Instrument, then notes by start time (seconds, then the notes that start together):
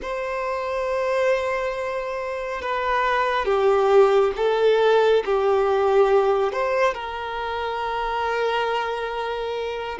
violin
0.02 C5
2.61 B4
3.45 G4
4.36 A4
5.25 G4
6.52 C5
6.94 A#4